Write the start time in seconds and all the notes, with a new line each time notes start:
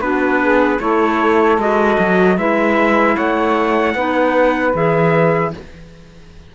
0.00 B3 D4 F#4 B4
0.41 G#4
0.79 A3 E4 A4 C#5
1.58 G#3 F#4 D#5
1.99 F#3
2.37 G#3 E4 B4 E5
3.15 A3 C#5 F#5
3.94 B3 D#4 B4
4.74 E3 G#4 E5